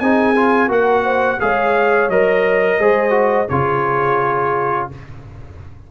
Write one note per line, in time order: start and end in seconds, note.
0.00 0.69 C4
0.00 0.35 D#4
0.00 0.71 G#4
0.00 0.70 G#5
0.36 0.69 F4
0.69 1.39 A#3
0.69 1.39 F#4
0.69 1.04 A#4
0.69 1.40 F#5
1.04 1.39 C5
1.40 2.09 G#3
1.40 2.11 G#4
1.40 2.80 C#5
1.40 2.10 F5
2.09 2.79 F#3
2.09 2.81 A#4
2.09 3.49 D#5
2.79 3.49 G#3
2.79 3.11 G#4
2.79 3.50 C5
3.11 3.46 F#4
3.49 4.90 C#3
3.49 4.92 F4
3.49 4.90 G#4
3.49 4.89 C#5